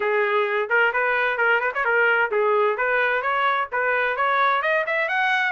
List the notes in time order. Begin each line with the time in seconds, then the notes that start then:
0.00 G#4
0.69 A#4
0.93 B4
1.37 A#4
1.60 B4
1.74 C#5
1.84 A#4
2.31 G#4
2.77 B4
3.22 C#5
3.72 B4
4.16 C#5
4.62 D#5
4.86 E5
5.08 F#5